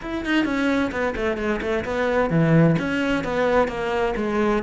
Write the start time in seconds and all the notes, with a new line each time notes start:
0.02 E4
0.25 D#4
0.44 C#4
0.91 B3
1.16 A3
1.37 G#3
1.61 A3
1.85 B3
2.30 E3
2.78 C#4
3.23 B3
3.68 A#3
4.16 G#3